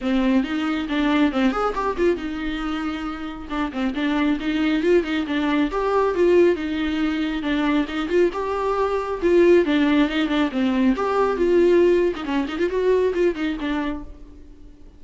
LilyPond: \new Staff \with { instrumentName = "viola" } { \time 4/4 \tempo 4 = 137 c'4 dis'4 d'4 c'8 gis'8 | g'8 f'8 dis'2. | d'8 c'8 d'4 dis'4 f'8 dis'8 | d'4 g'4 f'4 dis'4~ |
dis'4 d'4 dis'8 f'8 g'4~ | g'4 f'4 d'4 dis'8 d'8 | c'4 g'4 f'4.~ f'16 dis'16 | cis'8 dis'16 f'16 fis'4 f'8 dis'8 d'4 | }